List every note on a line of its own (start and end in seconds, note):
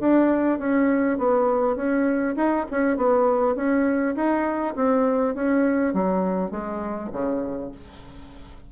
0.00 0.59 D4
0.59 1.18 C#4
1.18 1.76 B3
1.76 2.35 C#4
2.36 2.65 D#4
2.71 2.96 C#4
2.96 3.56 B3
3.56 4.15 C#4
4.15 4.75 D#4
4.76 5.35 C4
5.35 5.93 C#4
5.93 6.50 F#3
6.50 7.10 G#3
7.12 7.71 C#3